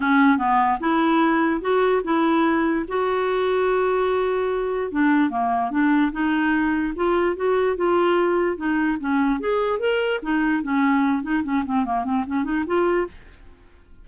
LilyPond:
\new Staff \with { instrumentName = "clarinet" } { \time 4/4 \tempo 4 = 147 cis'4 b4 e'2 | fis'4 e'2 fis'4~ | fis'1 | d'4 ais4 d'4 dis'4~ |
dis'4 f'4 fis'4 f'4~ | f'4 dis'4 cis'4 gis'4 | ais'4 dis'4 cis'4. dis'8 | cis'8 c'8 ais8 c'8 cis'8 dis'8 f'4 | }